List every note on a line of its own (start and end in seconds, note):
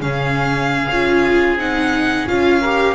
0.00 0.87 C#3
0.00 0.86 C#4
0.00 2.61 G#4
0.00 1.56 F5
0.89 1.56 C#4
0.89 1.58 F4
1.56 2.25 C4
1.56 2.27 D#4
1.56 2.28 F#5
2.27 2.95 C#4
2.27 2.61 F4
2.27 2.95 F5
2.61 2.95 G4
2.61 2.95 A#4